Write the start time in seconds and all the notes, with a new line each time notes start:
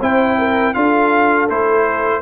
0.00 C4 E4 C5 G5
0.39 A#4
0.74 D4 F4 A4 F5
1.49 A3 E4 C5